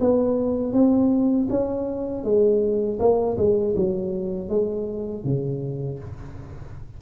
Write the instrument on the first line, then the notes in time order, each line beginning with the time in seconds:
tuba
0.00 B3
0.73 C4
1.49 C#4
2.23 G#3
2.99 A#3
3.37 G#3
3.76 F#3
4.49 G#3
5.24 C#3